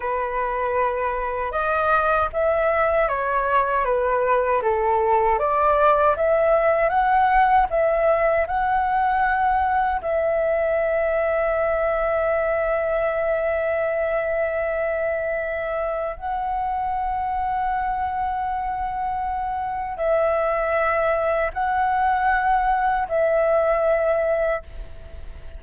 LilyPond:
\new Staff \with { instrumentName = "flute" } { \time 4/4 \tempo 4 = 78 b'2 dis''4 e''4 | cis''4 b'4 a'4 d''4 | e''4 fis''4 e''4 fis''4~ | fis''4 e''2.~ |
e''1~ | e''4 fis''2.~ | fis''2 e''2 | fis''2 e''2 | }